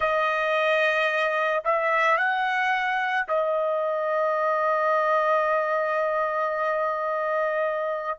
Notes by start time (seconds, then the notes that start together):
0.00 D#5
1.64 E5
2.17 F#5
3.27 D#5